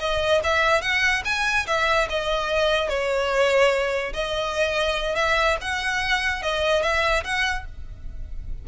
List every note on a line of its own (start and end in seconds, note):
0.00 0.41 D#5
0.44 0.82 E5
0.82 1.23 F#5
1.25 1.67 G#5
1.67 2.08 E5
2.10 2.89 D#5
2.89 4.13 C#5
4.13 5.16 D#5
5.16 5.57 E5
5.61 6.43 F#5
6.43 6.83 D#5
6.83 7.24 E5
7.24 7.66 F#5